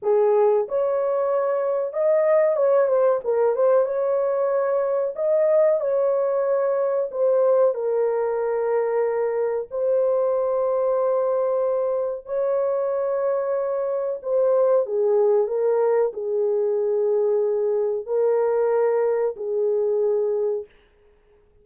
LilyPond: \new Staff \with { instrumentName = "horn" } { \time 4/4 \tempo 4 = 93 gis'4 cis''2 dis''4 | cis''8 c''8 ais'8 c''8 cis''2 | dis''4 cis''2 c''4 | ais'2. c''4~ |
c''2. cis''4~ | cis''2 c''4 gis'4 | ais'4 gis'2. | ais'2 gis'2 | }